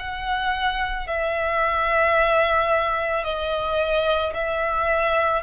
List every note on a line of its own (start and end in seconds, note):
0.00 1.08 F#5
1.08 3.25 E5
3.25 4.34 D#5
4.34 5.43 E5